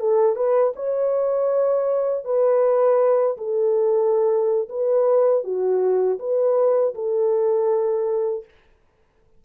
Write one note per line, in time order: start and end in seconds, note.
0.00 0.36 A4
0.36 0.73 B4
0.76 2.25 C#5
2.25 3.37 B4
3.38 4.69 A4
4.69 5.44 B4
5.44 6.19 F#4
6.19 6.94 B4
6.94 8.44 A4